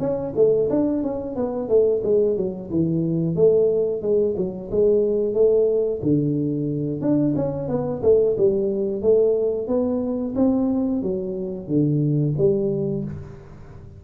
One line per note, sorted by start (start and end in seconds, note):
0.00 0.33 C#4
0.36 0.69 A3
0.70 1.03 D4
1.03 1.36 C#4
1.36 1.69 B3
1.69 2.02 A3
2.04 2.37 G#3
2.37 2.70 F#3
2.71 3.36 E3
3.36 4.02 A3
4.02 4.35 G#3
4.37 4.71 F#3
4.72 5.34 G#3
5.34 6.01 A3
6.03 7.01 D3
7.01 7.35 D4
7.36 7.68 C#4
7.68 8.02 B3
8.03 8.36 A3
8.38 9.02 G3
9.02 9.68 A3
9.68 10.35 B3
10.36 11.02 C4
11.02 11.68 F#3
11.68 12.35 D3
12.38 13.05 G3